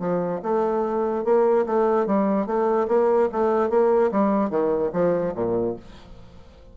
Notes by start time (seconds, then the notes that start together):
0.00 F3
0.43 A3
1.25 A#3
1.66 A3
2.07 G3
2.47 A3
2.88 A#3
3.33 A3
3.70 A#3
4.12 G3
4.50 D#3
4.93 F3
5.35 A#2